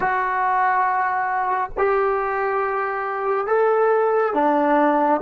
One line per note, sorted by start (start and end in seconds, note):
0.00 1.70 F#4
1.77 3.47 G4
3.47 4.34 A4
4.34 5.21 D4